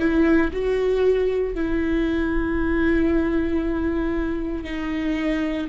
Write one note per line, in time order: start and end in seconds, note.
0.00 0.52 E4
0.53 1.55 F#4
1.55 4.64 E4
4.64 5.68 D#4